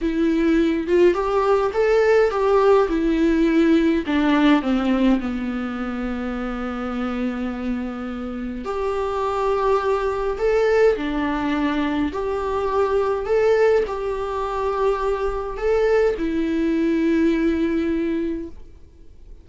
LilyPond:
\new Staff \with { instrumentName = "viola" } { \time 4/4 \tempo 4 = 104 e'4. f'8 g'4 a'4 | g'4 e'2 d'4 | c'4 b2.~ | b2. g'4~ |
g'2 a'4 d'4~ | d'4 g'2 a'4 | g'2. a'4 | e'1 | }